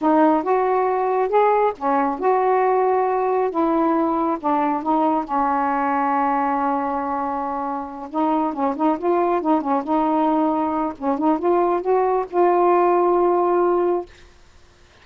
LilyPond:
\new Staff \with { instrumentName = "saxophone" } { \time 4/4 \tempo 4 = 137 dis'4 fis'2 gis'4 | cis'4 fis'2. | e'2 d'4 dis'4 | cis'1~ |
cis'2~ cis'8 dis'4 cis'8 | dis'8 f'4 dis'8 cis'8 dis'4.~ | dis'4 cis'8 dis'8 f'4 fis'4 | f'1 | }